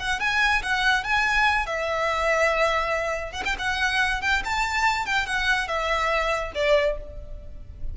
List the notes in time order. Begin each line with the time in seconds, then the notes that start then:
0.00 F#5
0.21 G#5
0.63 F#5
1.04 G#5
1.67 E5
3.33 F#5
3.46 G5
3.59 F#5
4.22 G5
4.45 A5
5.06 G5
5.27 F#5
5.68 E5
6.55 D5